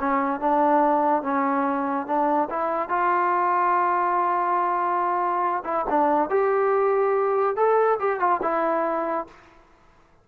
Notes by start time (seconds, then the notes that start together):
0.00 C#4
0.41 D4
1.23 C#4
2.07 D4
2.50 E4
2.89 F4
5.65 E4
5.90 D4
6.30 G4
7.57 A4
8.00 G4
8.20 F4
8.43 E4